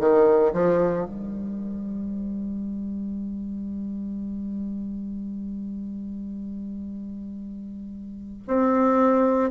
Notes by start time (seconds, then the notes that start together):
0.00 D#3
0.53 F3
1.06 G3
8.48 C4